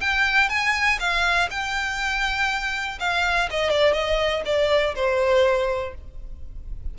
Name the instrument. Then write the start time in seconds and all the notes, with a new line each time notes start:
violin
0.00 G5
0.49 G#5
0.99 F5
1.50 G5
3.00 F5
3.50 D#5
3.70 D5
3.93 D#5
4.45 D5
4.95 C5